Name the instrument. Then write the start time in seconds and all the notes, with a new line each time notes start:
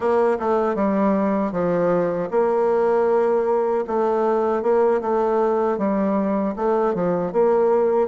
bassoon
0.00 A#3
0.39 A3
0.75 G3
1.52 F3
2.30 A#3
3.87 A3
4.62 A#3
5.01 A3
5.77 G3
6.56 A3
6.94 F3
7.32 A#3